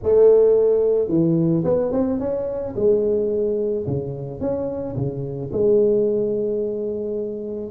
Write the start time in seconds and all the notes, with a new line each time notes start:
0.03 A3
1.08 E3
1.64 B3
1.92 C4
2.19 C#4
2.75 G#3
3.87 C#3
4.40 C#4
4.96 C#3
5.52 G#3